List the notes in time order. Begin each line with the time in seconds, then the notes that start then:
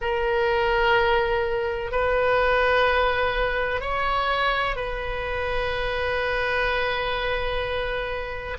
0.01 A#4
1.91 B4
3.81 C#5
4.76 B4